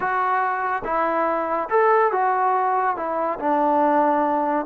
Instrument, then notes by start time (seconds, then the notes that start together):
trombone
0.00 F#4
0.84 E4
1.69 A4
2.11 F#4
2.96 E4
3.39 D4